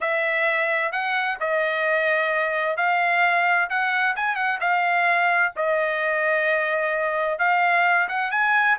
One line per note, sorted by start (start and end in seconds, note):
0.01 0.91 E5
0.91 1.38 F#5
1.40 2.76 D#5
2.76 3.69 F5
3.69 4.15 F#5
4.16 4.35 G#5
4.35 4.58 F#5
4.60 5.52 F5
5.56 7.38 D#5
7.38 8.07 F5
8.08 8.31 F#5
8.31 8.77 G#5